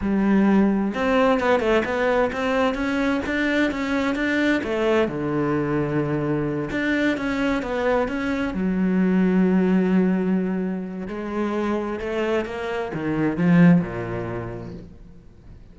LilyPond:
\new Staff \with { instrumentName = "cello" } { \time 4/4 \tempo 4 = 130 g2 c'4 b8 a8 | b4 c'4 cis'4 d'4 | cis'4 d'4 a4 d4~ | d2~ d8 d'4 cis'8~ |
cis'8 b4 cis'4 fis4.~ | fis1 | gis2 a4 ais4 | dis4 f4 ais,2 | }